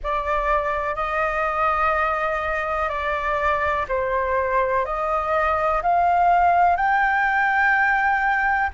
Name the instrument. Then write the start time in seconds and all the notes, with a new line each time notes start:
flute
0.03 D5
0.95 D#5
2.89 D5
3.88 C5
4.85 D#5
5.82 F5
6.76 G5